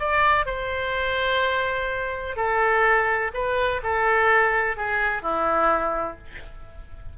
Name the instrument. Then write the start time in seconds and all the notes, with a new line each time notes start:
oboe
0.00 D5
0.46 C5
2.37 A4
3.34 B4
3.84 A4
4.77 G#4
5.23 E4